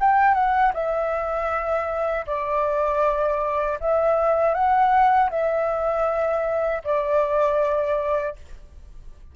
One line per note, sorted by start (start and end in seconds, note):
0.00 0.34 G5
0.34 0.72 F#5
0.73 2.25 E5
2.26 3.78 D5
3.80 4.54 E5
4.54 5.30 F#5
5.30 6.82 E5
6.84 8.35 D5